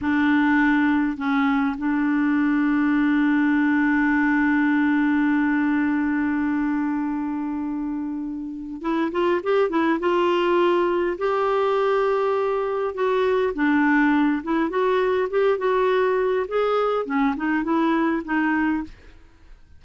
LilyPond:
\new Staff \with { instrumentName = "clarinet" } { \time 4/4 \tempo 4 = 102 d'2 cis'4 d'4~ | d'1~ | d'1~ | d'2. e'8 f'8 |
g'8 e'8 f'2 g'4~ | g'2 fis'4 d'4~ | d'8 e'8 fis'4 g'8 fis'4. | gis'4 cis'8 dis'8 e'4 dis'4 | }